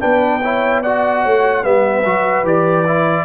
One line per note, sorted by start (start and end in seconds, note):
0.00 1.25 B3
0.00 0.41 D4
0.00 0.42 B4
0.00 0.82 G5
0.43 0.84 E4
0.43 0.82 C#5
0.82 1.63 F#4
0.82 1.23 D5
0.82 1.64 F#5
1.23 1.65 A3
1.23 1.63 C#5
1.63 2.05 G3
1.63 2.04 B3
1.63 3.25 B4
1.63 2.45 E5
2.05 2.43 F#3
2.05 2.45 F#4
2.43 3.24 E3
2.43 2.85 G4
2.43 3.25 D5
2.87 3.25 E4